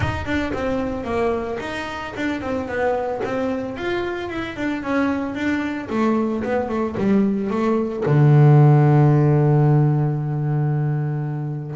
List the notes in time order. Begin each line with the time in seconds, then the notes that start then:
0.00 D#4
0.25 D4
0.53 C4
1.04 A#3
1.59 D#4
2.16 D4
2.41 C4
2.68 B3
3.24 C4
3.76 F4
4.29 E4
4.56 D4
4.82 C#4
5.34 D4
5.89 A3
6.43 B3
6.68 A3
6.97 G3
7.50 A3
8.05 D3